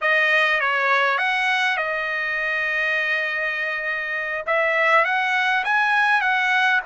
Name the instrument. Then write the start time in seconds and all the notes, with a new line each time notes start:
trumpet
0.01 D#5
0.60 C#5
1.17 F#5
1.77 D#5
4.46 E5
5.04 F#5
5.64 G#5
6.21 F#5